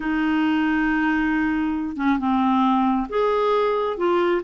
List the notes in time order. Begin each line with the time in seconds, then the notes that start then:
0.00 D#4
1.96 C#4
2.18 C4
3.09 G#4
3.97 F4